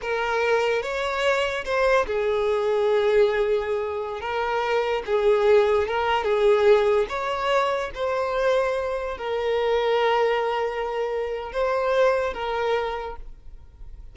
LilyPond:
\new Staff \with { instrumentName = "violin" } { \time 4/4 \tempo 4 = 146 ais'2 cis''2 | c''4 gis'2.~ | gis'2~ gis'16 ais'4.~ ais'16~ | ais'16 gis'2 ais'4 gis'8.~ |
gis'4~ gis'16 cis''2 c''8.~ | c''2~ c''16 ais'4.~ ais'16~ | ais'1 | c''2 ais'2 | }